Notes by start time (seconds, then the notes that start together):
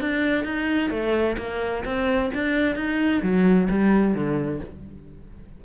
0.00 D4
0.44 D#4
0.90 A3
1.37 A#3
1.84 C4
2.33 D4
2.75 D#4
3.22 F#3
3.69 G3
4.14 D3